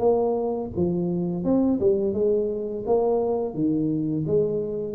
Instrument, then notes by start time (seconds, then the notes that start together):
tuba
0.00 A#3
0.77 F3
1.44 C4
1.80 G3
2.14 G#3
2.87 A#3
3.55 D#3
4.27 G#3